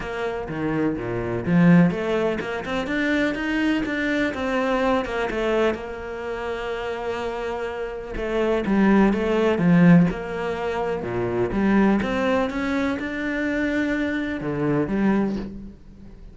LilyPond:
\new Staff \with { instrumentName = "cello" } { \time 4/4 \tempo 4 = 125 ais4 dis4 ais,4 f4 | a4 ais8 c'8 d'4 dis'4 | d'4 c'4. ais8 a4 | ais1~ |
ais4 a4 g4 a4 | f4 ais2 ais,4 | g4 c'4 cis'4 d'4~ | d'2 d4 g4 | }